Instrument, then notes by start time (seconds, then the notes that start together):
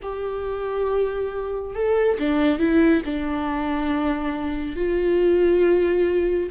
viola
0.02 G4
1.74 A4
2.18 D4
2.58 E4
3.05 D4
4.76 F4